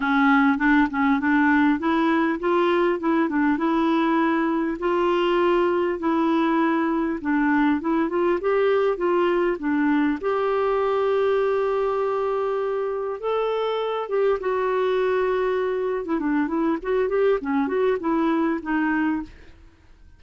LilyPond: \new Staff \with { instrumentName = "clarinet" } { \time 4/4 \tempo 4 = 100 cis'4 d'8 cis'8 d'4 e'4 | f'4 e'8 d'8 e'2 | f'2 e'2 | d'4 e'8 f'8 g'4 f'4 |
d'4 g'2.~ | g'2 a'4. g'8 | fis'2~ fis'8. e'16 d'8 e'8 | fis'8 g'8 cis'8 fis'8 e'4 dis'4 | }